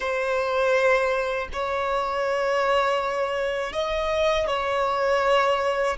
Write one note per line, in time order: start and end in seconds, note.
0.00 1.48 C5
1.52 3.72 C#5
3.72 4.47 D#5
4.47 5.97 C#5